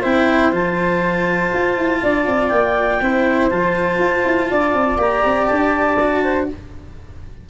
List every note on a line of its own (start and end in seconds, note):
0.00 0.51 C4
0.00 0.52 E4
0.00 1.98 C5
0.00 0.53 G5
0.51 1.50 F3
0.51 3.00 F4
0.51 2.48 A5
1.53 1.77 F4
1.77 2.01 E4
2.02 2.26 D4
2.02 3.01 D5
2.26 2.51 C4
2.48 3.00 A#3
2.48 3.48 G5
3.01 3.50 C4
3.01 3.50 E4
3.01 4.49 C5
3.49 3.98 F3
3.49 4.98 F4
3.49 4.98 A5
3.98 4.23 F4
4.25 4.50 E4
4.49 4.73 D4
4.49 6.23 D5
4.73 4.97 C4
4.97 5.22 A#3
4.97 5.97 G4
4.97 5.46 A#5
5.24 5.49 C4
5.46 6.49 D4
5.46 6.45 A5
5.99 6.49 F#4
6.23 6.47 C5